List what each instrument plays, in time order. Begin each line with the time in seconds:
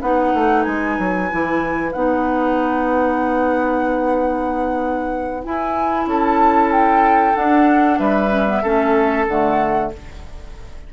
0.00 bassoon B3, clarinet D#4, oboe B4, flute F#5
0.33 bassoon A3
0.62 bassoon G#3, flute G#5
0.99 bassoon F#3
1.30 bassoon E3, clarinet E4
1.92 bassoon B3, clarinet D#4, flute F#5
5.43 clarinet E4, bassoon E4, flute G#5
6.06 bassoon C#4, oboe A4, flute A5
6.72 flute G5
7.34 clarinet D4, bassoon D4, flute F#5
7.98 bassoon G3, oboe B4, flute E5
8.29 clarinet C#4
8.46 clarinet B3
8.62 bassoon A3, clarinet C#4, oboe A4
9.28 bassoon D3, clarinet A3, flute F#5